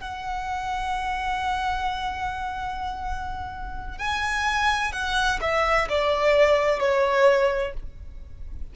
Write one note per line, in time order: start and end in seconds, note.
0.00 3.98 F#5
3.98 4.92 G#5
4.92 5.39 F#5
5.41 5.88 E5
5.89 6.80 D5
6.80 7.73 C#5